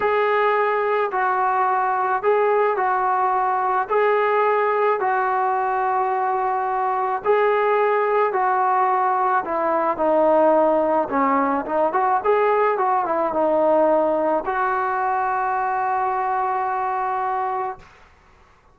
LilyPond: \new Staff \with { instrumentName = "trombone" } { \time 4/4 \tempo 4 = 108 gis'2 fis'2 | gis'4 fis'2 gis'4~ | gis'4 fis'2.~ | fis'4 gis'2 fis'4~ |
fis'4 e'4 dis'2 | cis'4 dis'8 fis'8 gis'4 fis'8 e'8 | dis'2 fis'2~ | fis'1 | }